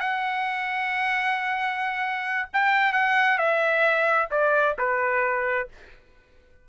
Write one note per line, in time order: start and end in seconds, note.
0.00 2.48 F#5
2.53 2.93 G5
2.93 3.38 F#5
3.38 4.29 E5
4.31 4.76 D5
4.78 5.69 B4